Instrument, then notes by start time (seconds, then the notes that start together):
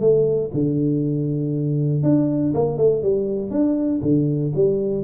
tuba
0.00 A3
0.53 D3
2.03 D4
2.54 A#3
2.77 A3
3.02 G3
3.50 D4
4.02 D3
4.55 G3